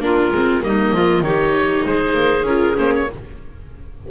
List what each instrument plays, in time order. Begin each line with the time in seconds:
0.00 double bass A#3, viola D4, clarinet F4, oboe A#4
0.32 double bass G#3, viola C4
0.62 double bass G3, viola A#3, clarinet D#4, oboe D#5
0.92 double bass F3, clarinet F4
1.22 double bass D#3, viola D#4, clarinet G4, oboe C#5
1.85 double bass G#3, clarinet G#4, oboe C5
2.14 double bass A#3
2.43 double bass C#4, viola F4, oboe A#4
2.77 double bass A#3, viola C#4, oboe C5
2.96 oboe C#5